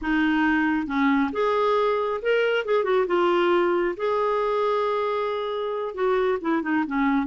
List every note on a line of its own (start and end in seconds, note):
0.01 0.86 D#4
0.86 1.30 C#4
1.32 2.20 G#4
2.22 2.65 A#4
2.65 2.84 G#4
2.84 3.06 F#4
3.07 3.95 F4
3.97 5.94 G#4
5.94 6.38 F#4
6.41 6.62 E4
6.62 6.84 D#4
6.86 7.26 C#4